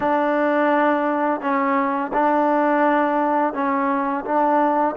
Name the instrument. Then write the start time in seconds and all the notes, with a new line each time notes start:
trombone
0.00 D4
1.41 C#4
2.13 D4
3.53 C#4
4.24 D4